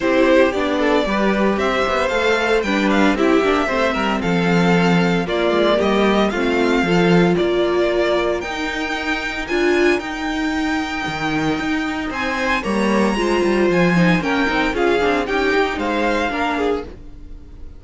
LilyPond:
<<
  \new Staff \with { instrumentName = "violin" } { \time 4/4 \tempo 4 = 114 c''4 d''2 e''4 | f''4 g''8 f''8 e''2 | f''2 d''4 dis''4 | f''2 d''2 |
g''2 gis''4 g''4~ | g''2. gis''4 | ais''2 gis''4 g''4 | f''4 g''4 f''2 | }
  \new Staff \with { instrumentName = "violin" } { \time 4/4 g'4. a'8 b'4 c''4~ | c''4 b'4 g'4 c''8 ais'8 | a'2 f'4 g'4 | f'4 a'4 ais'2~ |
ais'1~ | ais'2. c''4 | cis''4 c''2 ais'4 | gis'4 g'4 c''4 ais'8 gis'8 | }
  \new Staff \with { instrumentName = "viola" } { \time 4/4 e'4 d'4 g'2 | a'4 d'4 e'8 d'8 c'4~ | c'2 ais2 | c'4 f'2. |
dis'2 f'4 dis'4~ | dis'1 | ais4 f'4. dis'8 cis'8 dis'8 | f'8 d'8 dis'2 d'4 | }
  \new Staff \with { instrumentName = "cello" } { \time 4/4 c'4 b4 g4 c'8 b8 | a4 g4 c'8 ais8 a8 g8 | f2 ais8 gis8 g4 | a4 f4 ais2 |
dis'2 d'4 dis'4~ | dis'4 dis4 dis'4 c'4 | g4 gis8 g8 f4 ais8 c'8 | cis'8 c'8 cis'8 dis'8 gis4 ais4 | }
>>